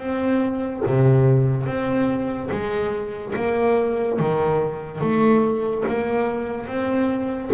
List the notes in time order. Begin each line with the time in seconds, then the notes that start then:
0.00 C4
0.87 C3
1.67 C4
2.52 G#3
3.36 A#3
4.20 D#3
5.02 A3
5.89 A#3
6.68 C4